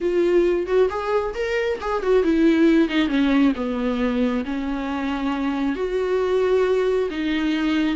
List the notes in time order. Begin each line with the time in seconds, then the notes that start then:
0.00 F4
0.66 F#4
0.89 G#4
1.34 A#4
1.80 G#4
2.02 F#4
2.23 E4
2.88 D#4
3.07 C#4
3.55 B3
4.44 C#4
5.75 F#4
7.10 D#4